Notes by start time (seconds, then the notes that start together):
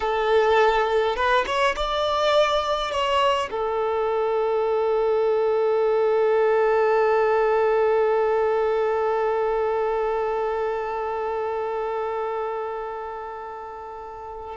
0.00 A4
1.15 B4
1.46 C#5
1.76 D5
2.91 C#5
3.50 A4